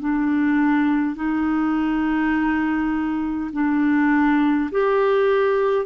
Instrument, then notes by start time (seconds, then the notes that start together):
clarinet
0.00 D4
1.16 D#4
3.53 D4
4.72 G4